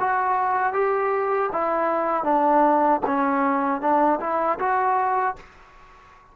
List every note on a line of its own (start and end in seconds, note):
0.00 0.73 F#4
0.73 1.50 G4
1.52 2.24 E4
2.24 3.01 D4
3.06 3.81 C#4
3.81 4.20 D4
4.20 4.59 E4
4.59 5.36 F#4